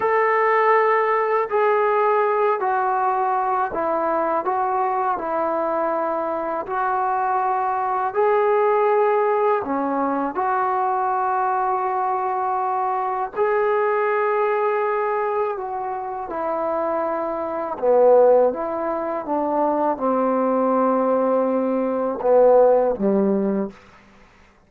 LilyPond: \new Staff \with { instrumentName = "trombone" } { \time 4/4 \tempo 4 = 81 a'2 gis'4. fis'8~ | fis'4 e'4 fis'4 e'4~ | e'4 fis'2 gis'4~ | gis'4 cis'4 fis'2~ |
fis'2 gis'2~ | gis'4 fis'4 e'2 | b4 e'4 d'4 c'4~ | c'2 b4 g4 | }